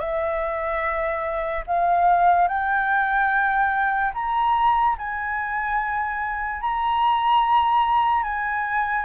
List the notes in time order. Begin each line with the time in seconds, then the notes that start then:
0.00 E5
1.67 F5
2.48 G5
4.14 A#5
4.98 G#5
6.61 A#5
8.23 G#5